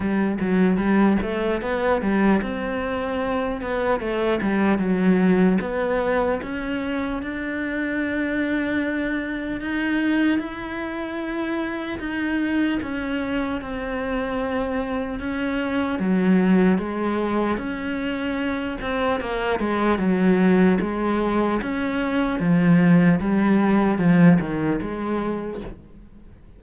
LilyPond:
\new Staff \with { instrumentName = "cello" } { \time 4/4 \tempo 4 = 75 g8 fis8 g8 a8 b8 g8 c'4~ | c'8 b8 a8 g8 fis4 b4 | cis'4 d'2. | dis'4 e'2 dis'4 |
cis'4 c'2 cis'4 | fis4 gis4 cis'4. c'8 | ais8 gis8 fis4 gis4 cis'4 | f4 g4 f8 dis8 gis4 | }